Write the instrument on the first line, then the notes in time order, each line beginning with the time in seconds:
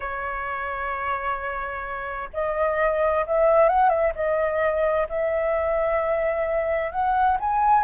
flute
0.00 C#5
2.33 D#5
3.26 E5
3.68 F#5
3.89 E5
4.15 D#5
5.09 E5
6.91 F#5
7.40 G#5